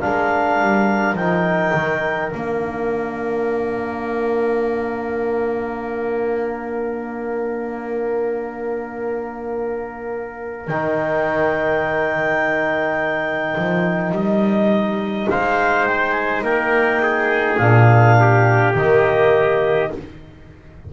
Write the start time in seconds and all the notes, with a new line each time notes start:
0.00 G#3 D4 A#4 F5
0.61 G3
1.14 F3 D#4 G5
1.74 D#3
2.29 A#3 D4 F5
10.67 D#3 D#4 G5
13.58 F3
14.12 G3 D#5
15.29 G#3 C5 F5
15.86 G5
16.12 G#5
16.42 A#3 A#4 G5
17.02 G#4
17.58 A#2 D4 F5
18.20 G4
18.75 D#3 A#3 D#5